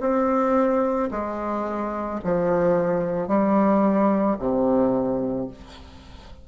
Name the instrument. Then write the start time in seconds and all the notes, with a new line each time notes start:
bassoon
0.00 C4
1.11 G#3
2.24 F3
3.27 G3
4.38 C3